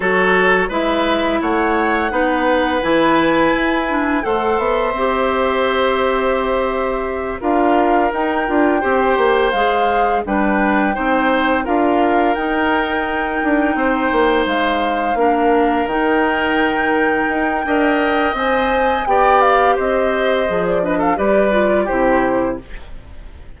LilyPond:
<<
  \new Staff \with { instrumentName = "flute" } { \time 4/4 \tempo 4 = 85 cis''4 e''4 fis''2 | gis''2 fis''8 e''4.~ | e''2~ e''8 f''4 g''8~ | g''4. f''4 g''4.~ |
g''8 f''4 g''2~ g''8~ | g''8 f''2 g''4.~ | g''2 gis''4 g''8 f''8 | dis''4~ dis''16 d''16 dis''16 f''16 d''4 c''4 | }
  \new Staff \with { instrumentName = "oboe" } { \time 4/4 a'4 b'4 cis''4 b'4~ | b'2 c''2~ | c''2~ c''8 ais'4.~ | ais'8 c''2 b'4 c''8~ |
c''8 ais'2. c''8~ | c''4. ais'2~ ais'8~ | ais'4 dis''2 d''4 | c''4. b'16 a'16 b'4 g'4 | }
  \new Staff \with { instrumentName = "clarinet" } { \time 4/4 fis'4 e'2 dis'4 | e'4. d'8 a'4 g'4~ | g'2~ g'8 f'4 dis'8 | f'8 g'4 gis'4 d'4 dis'8~ |
dis'8 f'4 dis'2~ dis'8~ | dis'4. d'4 dis'4.~ | dis'4 ais'4 c''4 g'4~ | g'4 gis'8 d'8 g'8 f'8 e'4 | }
  \new Staff \with { instrumentName = "bassoon" } { \time 4/4 fis4 gis4 a4 b4 | e4 e'4 a8 b8 c'4~ | c'2~ c'8 d'4 dis'8 | d'8 c'8 ais8 gis4 g4 c'8~ |
c'8 d'4 dis'4. d'8 c'8 | ais8 gis4 ais4 dis4.~ | dis8 dis'8 d'4 c'4 b4 | c'4 f4 g4 c4 | }
>>